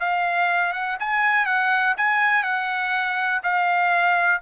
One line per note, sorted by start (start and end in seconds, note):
0.00 0.72 F5
0.72 0.97 F#5
0.99 1.46 G#5
1.46 1.95 F#5
1.97 2.43 G#5
2.43 3.41 F#5
3.43 4.41 F5